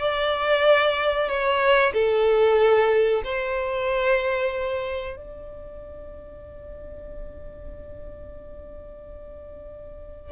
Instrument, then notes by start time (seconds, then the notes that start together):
violin
0.00 D5
1.28 C#5
1.94 A4
3.25 C5
5.17 D5